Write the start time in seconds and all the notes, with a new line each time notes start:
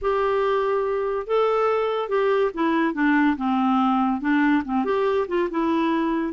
0.01 G4
1.27 A4
2.09 G4
2.54 E4
2.94 D4
3.36 C4
4.20 D4
4.65 C4
4.85 G4
5.28 F4
5.50 E4